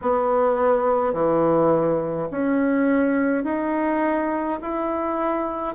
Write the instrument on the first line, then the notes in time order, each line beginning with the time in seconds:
bassoon
0.01 B3
1.13 E3
2.30 C#4
3.44 D#4
4.62 E4